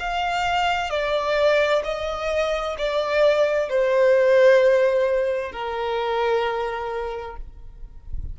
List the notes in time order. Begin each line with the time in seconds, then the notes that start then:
0.00 F5
0.90 D5
1.84 D#5
2.78 D5
3.69 C5
5.52 A#4